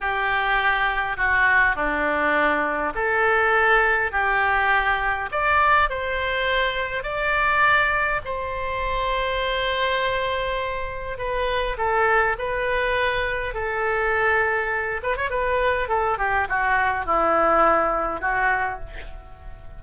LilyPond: \new Staff \with { instrumentName = "oboe" } { \time 4/4 \tempo 4 = 102 g'2 fis'4 d'4~ | d'4 a'2 g'4~ | g'4 d''4 c''2 | d''2 c''2~ |
c''2. b'4 | a'4 b'2 a'4~ | a'4. b'16 cis''16 b'4 a'8 g'8 | fis'4 e'2 fis'4 | }